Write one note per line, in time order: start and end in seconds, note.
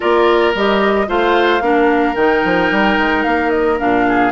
0.00 0.54 A#3
0.00 0.54 F4
0.00 1.06 A#4
0.00 0.54 D5
0.54 1.08 G3
0.54 1.07 G4
0.54 1.08 D#5
1.07 1.60 A3
1.07 1.61 F4
1.07 1.62 C5
1.07 2.15 F5
1.60 2.14 A#3
1.60 2.15 D4
1.60 4.06 A#4
2.15 2.43 D#3
2.15 3.78 D#4
2.15 3.23 G5
2.44 2.71 F3
2.71 2.97 G3
2.97 3.24 G#3
3.23 3.80 A#3
3.23 3.50 F5
3.50 3.77 D#5
3.78 4.31 A#2
3.78 4.31 D4
3.78 4.31 F5
4.08 4.31 G#4